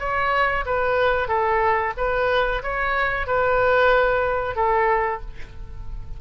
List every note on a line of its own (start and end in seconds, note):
0.00 0.65 C#5
0.66 1.28 B4
1.28 1.94 A4
1.97 2.63 B4
2.63 3.27 C#5
3.27 4.56 B4
4.56 5.21 A4